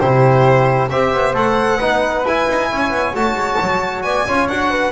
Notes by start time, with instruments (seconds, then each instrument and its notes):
0.00 double bass C3, trombone E4, flute G4, violin C5
0.91 double bass C4, trombone G4, flute C5, violin E5
1.13 double bass B3
1.35 double bass A3, trombone A4, violin F#5
1.78 double bass B3, trombone D#4, flute B4
2.25 double bass E4, trombone E4, violin G#5
2.49 double bass D#4
2.72 double bass C#4, flute C#5
2.90 double bass B3
3.15 double bass A3, trombone F#4, violin A5
3.34 double bass G#3
3.62 double bass F#3
4.03 double bass B3, flute D5, violin G#5
4.27 double bass C#4, trombone F4, flute C#5
4.49 double bass D4, trombone F#4, violin F#5
4.71 flute B4